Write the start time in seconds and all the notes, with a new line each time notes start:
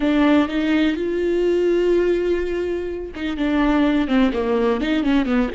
0.00 D4
0.48 D#4
0.96 F4
3.15 D#4
3.36 D4
4.07 C4
4.33 A#3
4.80 D#4
5.03 C#4
5.25 B3